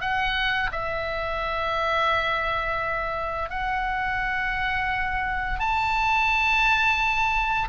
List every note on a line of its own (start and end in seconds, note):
0.00 0.70 F#5
0.71 3.49 E5
3.49 5.59 F#5
5.59 7.68 A5